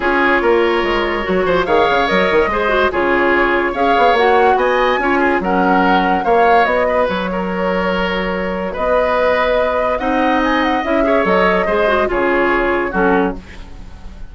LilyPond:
<<
  \new Staff \with { instrumentName = "flute" } { \time 4/4 \tempo 4 = 144 cis''1 | f''4 dis''2 cis''4~ | cis''4 f''4 fis''4 gis''4~ | gis''4 fis''2 f''4 |
dis''4 cis''2.~ | cis''4 dis''2. | fis''4 gis''8 fis''8 e''4 dis''4~ | dis''4 cis''2 a'4 | }
  \new Staff \with { instrumentName = "oboe" } { \time 4/4 gis'4 ais'2~ ais'8 c''8 | cis''2 c''4 gis'4~ | gis'4 cis''2 dis''4 | cis''8 gis'8 ais'2 cis''4~ |
cis''8 b'4 ais'2~ ais'8~ | ais'4 b'2. | dis''2~ dis''8 cis''4. | c''4 gis'2 fis'4 | }
  \new Staff \with { instrumentName = "clarinet" } { \time 4/4 f'2. fis'4 | gis'4 ais'4 gis'8 fis'8 f'4~ | f'4 gis'4 fis'2 | f'4 cis'2 fis'4~ |
fis'1~ | fis'1 | dis'2 e'8 gis'8 a'4 | gis'8 fis'8 f'2 cis'4 | }
  \new Staff \with { instrumentName = "bassoon" } { \time 4/4 cis'4 ais4 gis4 fis8 f8 | dis8 cis8 fis8 dis8 gis4 cis4~ | cis4 cis'8 b8 ais4 b4 | cis'4 fis2 ais4 |
b4 fis2.~ | fis4 b2. | c'2 cis'4 fis4 | gis4 cis2 fis4 | }
>>